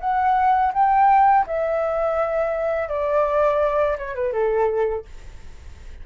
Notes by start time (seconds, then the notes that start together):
0.00 F#5
0.73 G5
1.46 E5
2.88 D5
3.98 C#5
4.15 B4
4.32 A4